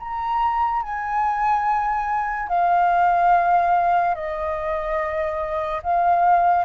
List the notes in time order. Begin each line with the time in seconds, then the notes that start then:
0.00 A#5
0.83 G#5
2.48 F5
4.15 D#5
5.83 F5